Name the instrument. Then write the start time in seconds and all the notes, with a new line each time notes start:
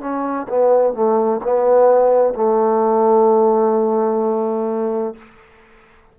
trombone
0.00 C#4
0.49 B3
0.93 A3
1.43 B3
2.34 A3